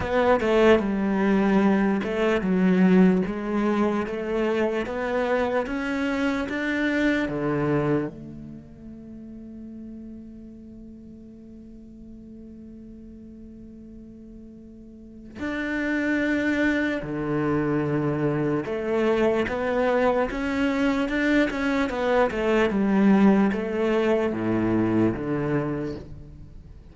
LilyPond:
\new Staff \with { instrumentName = "cello" } { \time 4/4 \tempo 4 = 74 b8 a8 g4. a8 fis4 | gis4 a4 b4 cis'4 | d'4 d4 a2~ | a1~ |
a2. d'4~ | d'4 d2 a4 | b4 cis'4 d'8 cis'8 b8 a8 | g4 a4 a,4 d4 | }